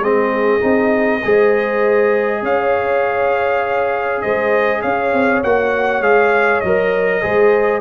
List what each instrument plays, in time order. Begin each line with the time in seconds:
0.00 tuba G#3, trombone C4, horn G#4, trumpet D#5
0.60 tuba C4, trombone D#4
1.25 tuba G#3, trombone G#4, horn C5
2.43 tuba C#4, horn C#5, trumpet F5
4.22 tuba G#3, horn C5, trumpet D#5
4.82 tuba C#4, horn C#5, trumpet F5
5.13 tuba C4
5.43 tuba A#3, trombone F#4, trumpet F#5
6.01 tuba G#3, trombone G#4, trumpet F5
6.61 tuba F#3, trombone A#4, trumpet D#5
7.22 tuba G#3, trombone G#4, horn C5